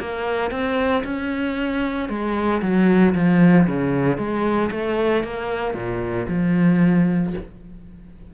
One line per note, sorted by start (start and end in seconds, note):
0.00 0.51 A#3
0.51 1.04 C4
1.04 2.09 C#4
2.09 2.62 G#3
2.62 3.14 F#3
3.15 3.67 F3
3.68 4.18 C#3
4.18 4.70 G#3
4.71 5.24 A3
5.24 5.74 A#3
5.74 6.27 A#2
6.29 7.34 F3